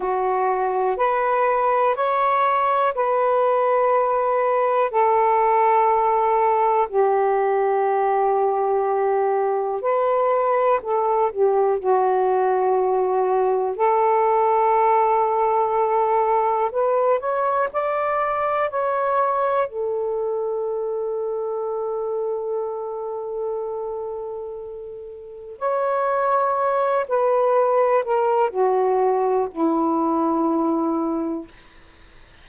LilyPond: \new Staff \with { instrumentName = "saxophone" } { \time 4/4 \tempo 4 = 61 fis'4 b'4 cis''4 b'4~ | b'4 a'2 g'4~ | g'2 b'4 a'8 g'8 | fis'2 a'2~ |
a'4 b'8 cis''8 d''4 cis''4 | a'1~ | a'2 cis''4. b'8~ | b'8 ais'8 fis'4 e'2 | }